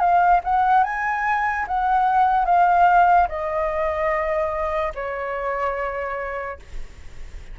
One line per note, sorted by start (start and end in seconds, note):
0.00 0.41 F5
0.44 0.84 F#5
0.84 1.66 G#5
1.68 2.46 F#5
2.46 3.28 F5
3.29 4.94 D#5
4.95 6.60 C#5